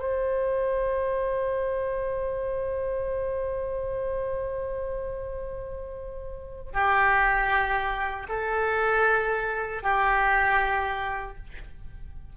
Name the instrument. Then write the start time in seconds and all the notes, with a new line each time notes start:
oboe
0.00 C5
6.74 G4
8.29 A4
9.83 G4